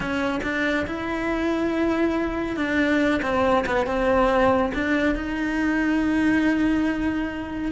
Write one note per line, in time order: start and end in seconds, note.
0.00 0.40 C#4
0.43 0.86 D4
0.86 2.56 E4
2.56 3.20 D4
3.22 3.65 C4
3.66 3.86 B3
3.86 4.72 C4
4.74 5.15 D4
5.15 7.71 D#4